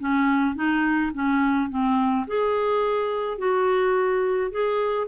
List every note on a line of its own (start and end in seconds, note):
0.00 0.55 C#4
0.55 1.12 D#4
1.14 1.70 C#4
1.70 2.26 C4
2.28 3.38 G#4
3.38 4.51 F#4
4.51 5.08 G#4